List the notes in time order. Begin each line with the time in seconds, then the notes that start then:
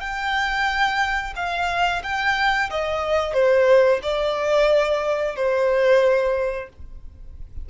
0.00 G5
1.35 F5
2.03 G5
2.70 D#5
3.33 C5
4.02 D5
5.35 C5